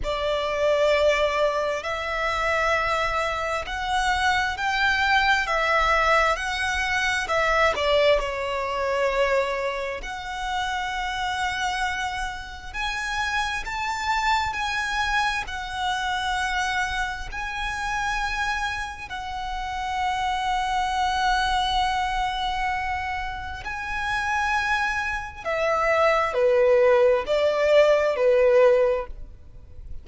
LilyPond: \new Staff \with { instrumentName = "violin" } { \time 4/4 \tempo 4 = 66 d''2 e''2 | fis''4 g''4 e''4 fis''4 | e''8 d''8 cis''2 fis''4~ | fis''2 gis''4 a''4 |
gis''4 fis''2 gis''4~ | gis''4 fis''2.~ | fis''2 gis''2 | e''4 b'4 d''4 b'4 | }